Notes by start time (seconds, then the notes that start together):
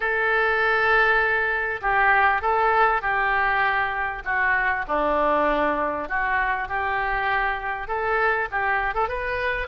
0.00 A4
1.81 G4
2.41 A4
3.01 G4
4.24 F#4
4.87 D4
6.09 F#4
6.68 G4
7.87 A4
8.51 G4
8.94 A4
9.08 B4